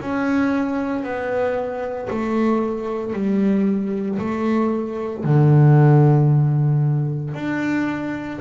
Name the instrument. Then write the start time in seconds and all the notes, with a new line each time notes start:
double bass
0.00 C#4
1.03 B3
2.10 A3
3.13 G3
4.19 A3
5.24 D3
7.34 D4